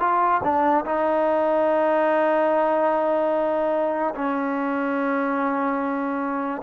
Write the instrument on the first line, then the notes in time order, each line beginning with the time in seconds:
trombone
0.00 F4
0.43 D4
0.86 D#4
4.15 C#4